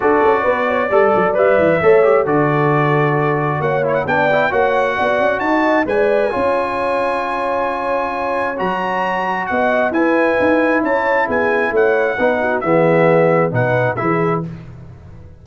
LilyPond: <<
  \new Staff \with { instrumentName = "trumpet" } { \time 4/4 \tempo 4 = 133 d''2. e''4~ | e''4 d''2. | fis''8 cis''16 fis''16 g''4 fis''2 | a''4 gis''2.~ |
gis''2. ais''4~ | ais''4 fis''4 gis''2 | a''4 gis''4 fis''2 | e''2 fis''4 e''4 | }
  \new Staff \with { instrumentName = "horn" } { \time 4/4 a'4 b'8 cis''8 d''2 | cis''4 a'2. | cis''4 d''4 cis''4 d''4 | dis''4 d''4 cis''2~ |
cis''1~ | cis''4 dis''4 b'2 | cis''4 gis'4 cis''4 b'8 fis'8 | gis'2 b'4 gis'4 | }
  \new Staff \with { instrumentName = "trombone" } { \time 4/4 fis'2 a'4 b'4 | a'8 g'8 fis'2.~ | fis'8 e'8 d'8 e'8 fis'2~ | fis'4 b'4 f'2~ |
f'2. fis'4~ | fis'2 e'2~ | e'2. dis'4 | b2 dis'4 e'4 | }
  \new Staff \with { instrumentName = "tuba" } { \time 4/4 d'8 cis'8 b4 g8 fis8 g8 e8 | a4 d2. | ais4 b4 ais4 b8 cis'8 | dis'4 gis4 cis'2~ |
cis'2. fis4~ | fis4 b4 e'4 dis'4 | cis'4 b4 a4 b4 | e2 b,4 e4 | }
>>